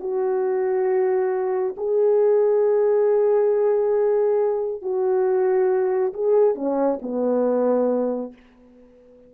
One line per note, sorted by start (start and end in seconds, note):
0.00 1.75 F#4
1.77 4.82 G#4
4.82 6.13 F#4
6.14 6.55 G#4
6.55 6.99 C#4
7.02 8.33 B3